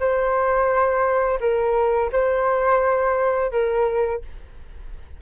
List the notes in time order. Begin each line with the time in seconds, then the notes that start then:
0.00 C5
1.40 A#4
2.12 C5
3.52 A#4